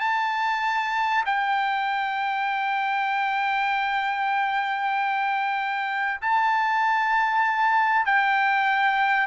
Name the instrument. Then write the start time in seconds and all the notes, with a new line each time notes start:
trumpet
0.00 A5
1.25 G5
6.21 A5
8.06 G5